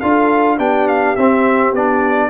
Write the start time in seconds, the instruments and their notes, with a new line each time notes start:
0.00 tuba D4, trombone F4, horn A4, trumpet F5
0.56 tuba B3, trombone D4, horn G4, trumpet G5
0.87 trumpet F5
1.15 tuba C4, trombone C4, trumpet E5
1.72 tuba B3, trombone D4, trumpet D5